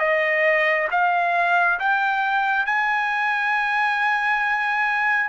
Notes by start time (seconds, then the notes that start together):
0.00 D#5
0.91 F5
1.80 G5
2.66 G#5